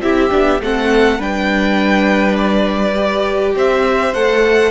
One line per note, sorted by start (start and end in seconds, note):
0.00 0.29 C4
0.00 0.29 E4
0.00 0.61 G4
0.00 0.60 E5
0.29 0.60 B3
0.29 0.59 D4
0.60 1.19 A3
0.60 1.19 C4
0.60 1.18 A4
0.60 1.21 F#5
1.18 3.54 G3
1.18 2.94 D4
1.18 3.53 B4
1.18 2.35 G5
2.35 3.53 D5
2.94 4.12 G4
3.55 4.13 C4
3.55 4.71 C5
3.55 4.14 E5
4.13 4.71 A3
4.13 4.71 A4
4.13 4.71 F#5